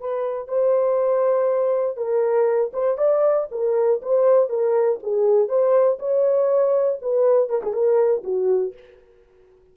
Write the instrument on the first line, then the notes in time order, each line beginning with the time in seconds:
horn
0.00 B4
0.48 C5
1.97 A#4
2.73 C5
2.98 D5
3.51 A#4
4.02 C5
4.49 A#4
5.03 G#4
5.48 C5
5.99 C#5
7.02 B4
7.49 A#4
7.63 G#4
7.73 A#4
8.24 F#4